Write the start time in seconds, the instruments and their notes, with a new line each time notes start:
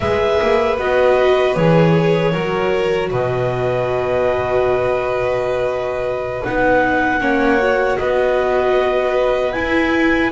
0.00 double bass G#3, viola G#4, violin B4, clarinet E5
0.41 double bass A#3
0.78 double bass B3, viola F#4, clarinet D#5
1.55 double bass E3, viola G#4, clarinet C#5
2.31 double bass F#3, viola F#4, violin A#4
3.10 double bass B2, violin B4, clarinet D#5
6.44 double bass B3, viola D#4, clarinet F#5
7.20 double bass A#3, viola C#4, violin C#5
7.58 viola F#4
7.98 double bass B3, violin B4, clarinet D#5
9.52 viola E4, double bass E4, clarinet G#5